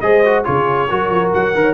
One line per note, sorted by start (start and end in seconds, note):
0.00 0.44 G#3
0.00 0.24 G#4
0.00 0.45 C5
0.00 0.43 D#5
0.24 0.44 F#4
0.44 0.90 C#3
0.44 0.87 F4
0.44 0.89 G#4
0.44 1.31 C#5
0.89 1.10 F#3
0.89 1.55 F#4
0.89 1.62 A#4
1.10 1.31 F3
1.33 1.54 F#3
1.33 1.74 F#5
1.54 1.74 D#3
1.54 1.74 A#4
1.62 1.73 C#5